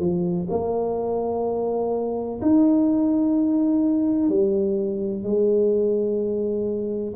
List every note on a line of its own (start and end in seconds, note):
0.00 0.48 F3
0.50 2.41 A#3
2.42 4.29 D#4
4.29 5.24 G3
5.24 7.14 G#3